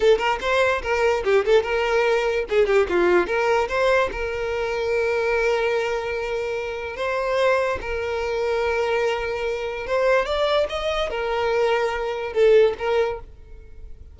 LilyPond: \new Staff \with { instrumentName = "violin" } { \time 4/4 \tempo 4 = 146 a'8 ais'8 c''4 ais'4 g'8 a'8 | ais'2 gis'8 g'8 f'4 | ais'4 c''4 ais'2~ | ais'1~ |
ais'4 c''2 ais'4~ | ais'1 | c''4 d''4 dis''4 ais'4~ | ais'2 a'4 ais'4 | }